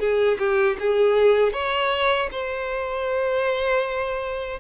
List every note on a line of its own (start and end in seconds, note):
0.00 0.38 G#4
0.39 0.77 G4
0.80 1.53 G#4
1.53 2.29 C#5
2.32 4.60 C5